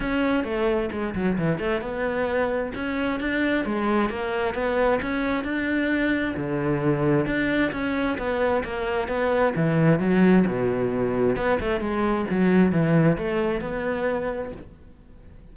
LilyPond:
\new Staff \with { instrumentName = "cello" } { \time 4/4 \tempo 4 = 132 cis'4 a4 gis8 fis8 e8 a8 | b2 cis'4 d'4 | gis4 ais4 b4 cis'4 | d'2 d2 |
d'4 cis'4 b4 ais4 | b4 e4 fis4 b,4~ | b,4 b8 a8 gis4 fis4 | e4 a4 b2 | }